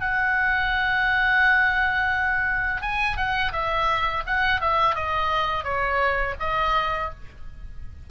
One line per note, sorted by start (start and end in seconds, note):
0.00 2.81 F#5
2.81 3.16 G#5
3.16 3.52 F#5
3.52 4.23 E5
4.26 4.60 F#5
4.60 4.95 E5
4.95 5.63 D#5
5.63 6.34 C#5
6.39 7.10 D#5